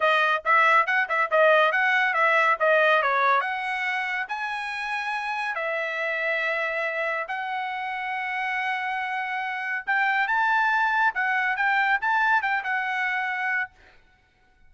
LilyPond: \new Staff \with { instrumentName = "trumpet" } { \time 4/4 \tempo 4 = 140 dis''4 e''4 fis''8 e''8 dis''4 | fis''4 e''4 dis''4 cis''4 | fis''2 gis''2~ | gis''4 e''2.~ |
e''4 fis''2.~ | fis''2. g''4 | a''2 fis''4 g''4 | a''4 g''8 fis''2~ fis''8 | }